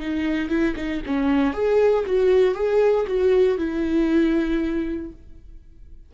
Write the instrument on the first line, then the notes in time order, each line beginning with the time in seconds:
viola
0.00 D#4
0.49 E4
0.76 D#4
1.06 C#4
1.54 G#4
2.06 F#4
2.55 G#4
3.07 F#4
3.58 E4